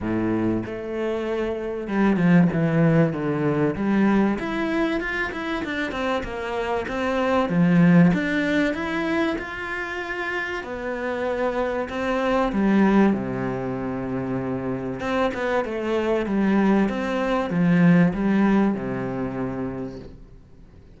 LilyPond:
\new Staff \with { instrumentName = "cello" } { \time 4/4 \tempo 4 = 96 a,4 a2 g8 f8 | e4 d4 g4 e'4 | f'8 e'8 d'8 c'8 ais4 c'4 | f4 d'4 e'4 f'4~ |
f'4 b2 c'4 | g4 c2. | c'8 b8 a4 g4 c'4 | f4 g4 c2 | }